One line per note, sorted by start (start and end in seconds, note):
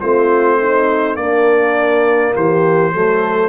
0.00 1.16 A3
0.00 1.18 C4
0.00 0.59 F4
0.00 1.16 C5
0.60 1.17 D#4
1.16 2.33 A#3
1.16 2.92 A#3
1.16 2.35 D4
1.16 2.34 D5
2.35 2.94 E3
2.35 2.92 G4
2.35 3.49 C5
2.92 3.49 F#3
2.92 3.49 A3
2.92 3.49 A4